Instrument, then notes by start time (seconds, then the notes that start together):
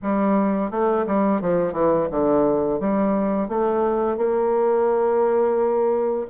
bassoon
0.02 G3
0.70 A3
1.07 G3
1.41 F3
1.73 E3
2.11 D3
2.79 G3
3.48 A3
4.17 A#3